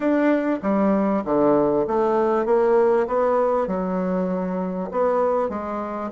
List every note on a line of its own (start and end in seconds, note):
0.00 0.59 D4
0.62 1.23 G3
1.24 1.85 D3
1.87 2.45 A3
2.45 3.06 A#3
3.07 3.67 B3
3.67 4.89 F#3
4.91 5.49 B3
5.49 6.10 G#3